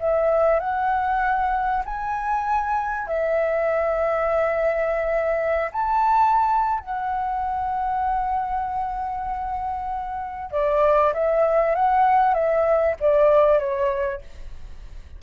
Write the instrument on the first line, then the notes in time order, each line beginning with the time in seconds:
flute
0.00 E5
0.60 F#5
1.86 G#5
3.08 E5
5.72 A5
6.80 F#5
10.52 D5
11.14 E5
11.76 F#5
12.34 E5
13.00 D5
13.59 C#5